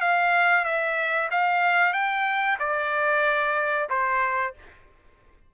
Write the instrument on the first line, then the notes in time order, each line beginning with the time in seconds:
trumpet
0.00 F5
0.64 E5
1.31 F5
1.93 G5
2.59 D5
3.89 C5